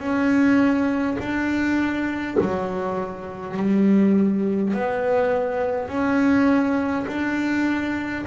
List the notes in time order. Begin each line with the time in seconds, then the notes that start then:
0.00 C#4
1.19 D4
2.41 F#3
3.57 G3
4.74 B3
5.88 C#4
7.08 D4